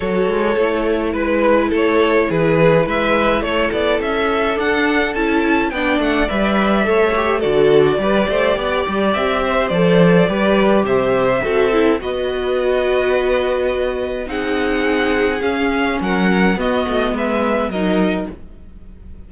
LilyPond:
<<
  \new Staff \with { instrumentName = "violin" } { \time 4/4 \tempo 4 = 105 cis''2 b'4 cis''4 | b'4 e''4 cis''8 d''8 e''4 | fis''4 a''4 g''8 fis''8 e''4~ | e''4 d''2. |
e''4 d''2 e''4~ | e''4 dis''2.~ | dis''4 fis''2 f''4 | fis''4 dis''4 e''4 dis''4 | }
  \new Staff \with { instrumentName = "violin" } { \time 4/4 a'2 b'4 a'4 | gis'4 b'4 a'2~ | a'2 d''2 | cis''4 a'4 b'8 c''8 d''4~ |
d''8 c''4. b'4 c''4 | a'4 b'2.~ | b'4 gis'2. | ais'4 fis'4 b'4 ais'4 | }
  \new Staff \with { instrumentName = "viola" } { \time 4/4 fis'4 e'2.~ | e'1 | d'4 e'4 d'4 b'4 | a'8 g'8 fis'4 g'2~ |
g'4 a'4 g'2 | fis'8 e'8 fis'2.~ | fis'4 dis'2 cis'4~ | cis'4 b2 dis'4 | }
  \new Staff \with { instrumentName = "cello" } { \time 4/4 fis8 gis8 a4 gis4 a4 | e4 gis4 a8 b8 cis'4 | d'4 cis'4 b8 a8 g4 | a4 d4 g8 a8 b8 g8 |
c'4 f4 g4 c4 | c'4 b2.~ | b4 c'2 cis'4 | fis4 b8 a8 gis4 fis4 | }
>>